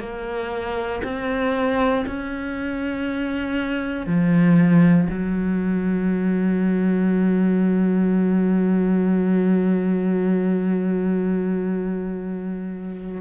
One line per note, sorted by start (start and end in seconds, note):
0.00 1.02 A#3
1.04 2.06 C4
2.07 4.07 C#4
4.07 5.08 F3
5.10 13.22 F#3